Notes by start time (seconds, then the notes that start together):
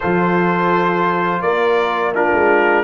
0.00 F3 F4 A4 C5
1.41 A#3 A#4 D5
2.14 D4 F4 A#4
2.32 G#3